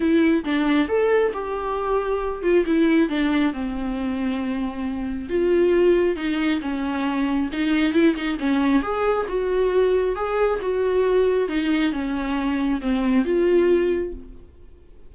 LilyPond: \new Staff \with { instrumentName = "viola" } { \time 4/4 \tempo 4 = 136 e'4 d'4 a'4 g'4~ | g'4. f'8 e'4 d'4 | c'1 | f'2 dis'4 cis'4~ |
cis'4 dis'4 e'8 dis'8 cis'4 | gis'4 fis'2 gis'4 | fis'2 dis'4 cis'4~ | cis'4 c'4 f'2 | }